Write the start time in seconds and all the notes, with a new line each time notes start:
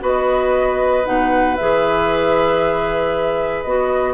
0.00 B3 F#4 B4 D#5
1.04 B2 D#4 F#5
1.56 E3 G#4 E5
3.62 B3 F#4 D#5